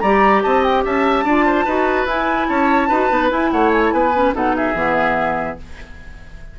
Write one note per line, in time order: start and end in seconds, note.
0.00 0.43 G3
0.00 1.28 G4
0.00 0.43 D5
0.00 0.41 A#5
0.43 0.85 C4
0.43 0.85 D#5
0.43 0.63 A5
0.63 0.84 G5
0.85 1.24 C#4
0.85 1.25 E5
0.85 2.08 A5
1.24 1.65 D4
1.24 1.67 F4
1.24 1.45 D5
1.46 1.65 C5
1.65 2.06 D#4
1.65 2.08 F#4
1.65 2.47 B4
2.06 2.47 E4
2.06 2.91 E4
2.06 2.49 G#5
2.49 2.91 C#4
2.49 2.89 C#5
2.49 3.31 A5
2.89 3.10 D#4
2.89 3.10 F#4
2.89 3.51 B4
3.10 3.31 B3
3.10 3.29 D#4
3.29 4.12 E4
3.29 3.53 E4
3.29 3.52 G#5
3.52 3.93 A3
3.52 3.94 C#5
3.52 3.72 F#5
3.72 3.83 G#5
3.85 3.92 A5
3.92 4.34 B3
3.92 4.35 B4
3.92 4.33 G#5
4.15 4.34 C#4
4.34 4.74 B2
4.34 4.75 D#4
4.34 4.56 A4
4.34 4.57 F#5
4.57 5.59 G#4
4.57 5.59 E5
4.74 5.57 E3
4.74 5.58 B3